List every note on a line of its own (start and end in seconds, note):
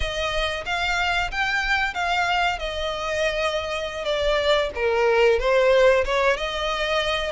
0.00 0.64 D#5
0.65 1.30 F5
1.31 1.94 G5
1.94 2.58 F5
2.58 4.04 D#5
4.04 4.70 D5
4.75 5.39 A#4
5.39 6.04 C5
6.04 6.36 C#5
6.36 7.31 D#5